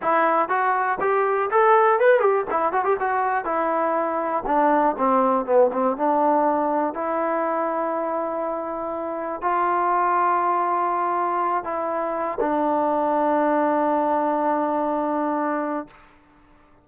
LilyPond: \new Staff \with { instrumentName = "trombone" } { \time 4/4 \tempo 4 = 121 e'4 fis'4 g'4 a'4 | b'8 g'8 e'8 fis'16 g'16 fis'4 e'4~ | e'4 d'4 c'4 b8 c'8 | d'2 e'2~ |
e'2. f'4~ | f'2.~ f'8 e'8~ | e'4 d'2.~ | d'1 | }